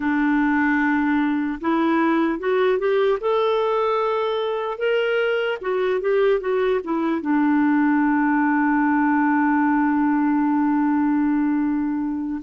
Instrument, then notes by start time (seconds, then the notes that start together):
clarinet
0.00 D4
1.60 E4
2.39 F#4
2.78 G4
3.20 A4
4.77 A#4
5.61 F#4
6.00 G4
6.40 F#4
6.84 E4
7.21 D4